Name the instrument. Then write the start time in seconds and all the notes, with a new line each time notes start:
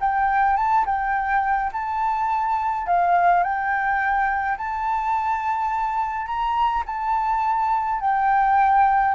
flute
0.00 G5
0.56 A5
0.85 G5
1.72 A5
2.86 F5
3.43 G5
4.57 A5
6.26 A#5
6.86 A5
8.00 G5